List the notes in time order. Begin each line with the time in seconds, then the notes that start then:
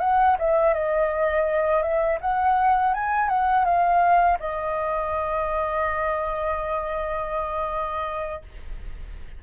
0.00 F#5
0.39 E5
0.74 D#5
1.82 E5
2.21 F#5
2.94 G#5
3.29 F#5
3.65 F5
4.39 D#5